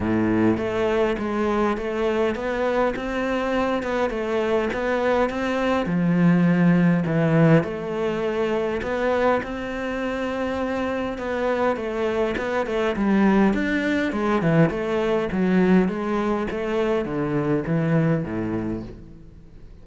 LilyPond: \new Staff \with { instrumentName = "cello" } { \time 4/4 \tempo 4 = 102 a,4 a4 gis4 a4 | b4 c'4. b8 a4 | b4 c'4 f2 | e4 a2 b4 |
c'2. b4 | a4 b8 a8 g4 d'4 | gis8 e8 a4 fis4 gis4 | a4 d4 e4 a,4 | }